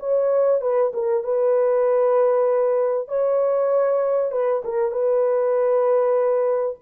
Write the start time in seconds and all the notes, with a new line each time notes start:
0.00 C#5
0.61 B4
0.94 A#4
1.24 B4
3.08 C#5
4.32 B4
4.65 A#4
4.91 B4